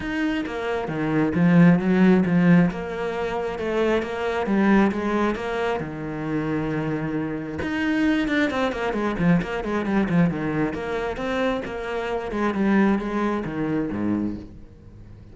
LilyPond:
\new Staff \with { instrumentName = "cello" } { \time 4/4 \tempo 4 = 134 dis'4 ais4 dis4 f4 | fis4 f4 ais2 | a4 ais4 g4 gis4 | ais4 dis2.~ |
dis4 dis'4. d'8 c'8 ais8 | gis8 f8 ais8 gis8 g8 f8 dis4 | ais4 c'4 ais4. gis8 | g4 gis4 dis4 gis,4 | }